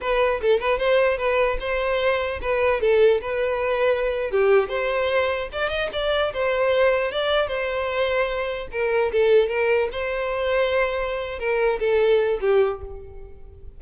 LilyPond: \new Staff \with { instrumentName = "violin" } { \time 4/4 \tempo 4 = 150 b'4 a'8 b'8 c''4 b'4 | c''2 b'4 a'4 | b'2~ b'8. g'4 c''16~ | c''4.~ c''16 d''8 dis''8 d''4 c''16~ |
c''4.~ c''16 d''4 c''4~ c''16~ | c''4.~ c''16 ais'4 a'4 ais'16~ | ais'8. c''2.~ c''16~ | c''8 ais'4 a'4. g'4 | }